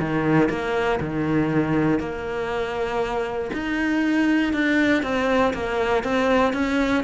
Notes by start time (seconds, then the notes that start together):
0.00 D#3
0.49 A#3
1.00 D#3
2.00 A#3
3.53 D#4
4.53 D4
5.03 C4
5.54 A#3
6.04 C4
6.54 C#4